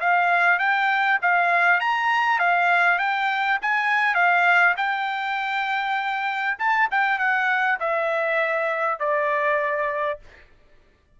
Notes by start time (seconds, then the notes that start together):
0.00 F5
0.59 G5
1.21 F5
1.80 A#5
2.39 F5
2.98 G5
3.62 G#5
4.15 F5
4.77 G5
6.58 A5
6.91 G5
7.18 F#5
7.79 E5
8.99 D5